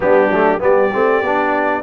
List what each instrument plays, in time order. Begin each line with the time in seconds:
0.00 tuba G3, trombone B3, horn D4, trumpet G4
0.29 tuba F#3, trombone A3
0.59 tuba G3, trombone B3, horn G4, trumpet D5
0.92 tuba A3, trombone C4
1.22 tuba B3, trombone D4